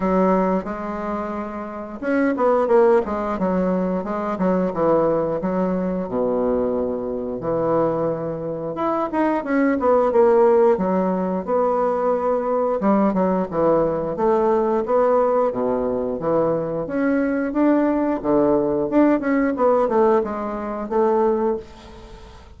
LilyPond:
\new Staff \with { instrumentName = "bassoon" } { \time 4/4 \tempo 4 = 89 fis4 gis2 cis'8 b8 | ais8 gis8 fis4 gis8 fis8 e4 | fis4 b,2 e4~ | e4 e'8 dis'8 cis'8 b8 ais4 |
fis4 b2 g8 fis8 | e4 a4 b4 b,4 | e4 cis'4 d'4 d4 | d'8 cis'8 b8 a8 gis4 a4 | }